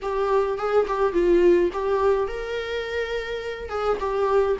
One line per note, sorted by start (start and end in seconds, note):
0.02 0.58 G4
0.58 0.86 G#4
0.87 1.12 G4
1.12 1.70 F4
1.72 2.27 G4
2.27 3.69 A#4
3.69 3.97 G#4
3.99 4.57 G4